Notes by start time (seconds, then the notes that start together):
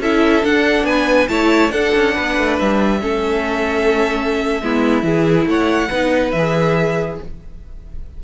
0.00 C#4 E4 A4 E5
0.43 D4 F#5
0.84 B3 B4 G#5
1.29 A3 E4 C#5 A5
1.70 D4 A4 F#5
1.96 C#4
2.15 B3 B4
2.39 A3
2.59 G3 E5
3.01 A3 C#4 A4
4.62 G#3 B3 E4
5.03 E3 E4 G#4
5.47 A3 C#5 F#5
5.89 B3 D#4 B4
6.32 E3 E5
6.38 G#4